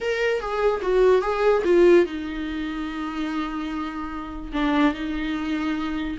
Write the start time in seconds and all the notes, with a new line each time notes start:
0.01 A#4
0.40 G#4
0.81 F#4
1.21 G#4
1.64 F4
2.05 D#4
4.52 D4
4.93 D#4